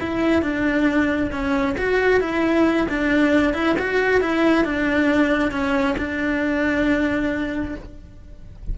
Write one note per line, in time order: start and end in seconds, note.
0.00 0.42 E4
0.42 1.31 D4
1.32 1.76 C#4
1.78 2.21 F#4
2.21 2.87 E4
2.89 3.54 D4
3.54 3.76 E4
3.79 4.21 F#4
4.21 4.65 E4
4.65 5.52 D4
5.52 5.96 C#4
5.98 7.75 D4